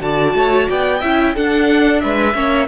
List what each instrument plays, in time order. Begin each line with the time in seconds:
0.00 cello D3, viola F#4, violin D5 A5
0.34 cello A3, violin C#5
0.69 cello B3, violin D5 G5
1.01 cello C#4, viola E4, violin E5
1.35 viola D4, cello D4, violin A4 F#5
2.01 cello G#3, violin B4 E5
2.35 cello A#3, viola C#4, violin C#5